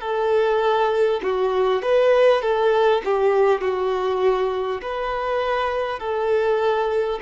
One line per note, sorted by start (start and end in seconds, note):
0.00 1.20 A4
1.23 1.82 F#4
1.82 2.42 B4
2.42 3.02 A4
3.04 3.61 G4
3.61 4.81 F#4
4.81 5.99 B4
5.99 7.19 A4